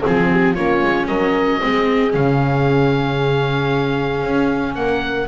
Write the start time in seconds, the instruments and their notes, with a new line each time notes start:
0.00 viola C4, horn G#4, oboe G#4
0.07 double bass F3
0.31 horn G4
0.54 double bass A#3, viola C#4, horn F4, oboe C#5
0.82 double bass G#3
1.07 double bass F#3, horn A#4, oboe D#5
1.61 double bass G#3, viola C4, horn G#4
2.10 double bass C#3, viola C#4, oboe F5
4.23 double bass C#4
4.74 double bass A#3, horn A#4, oboe F#5